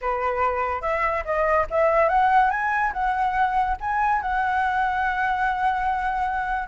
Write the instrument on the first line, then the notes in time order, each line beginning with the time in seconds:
flute
0.01 B4
0.81 E5
1.24 D#5
1.70 E5
2.08 F#5
2.50 G#5
2.92 F#5
3.80 G#5
4.21 F#5